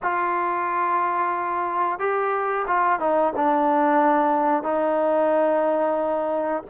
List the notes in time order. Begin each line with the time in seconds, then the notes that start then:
0.02 F4
1.98 G4
2.67 F4
2.99 D#4
3.35 D4
4.63 D#4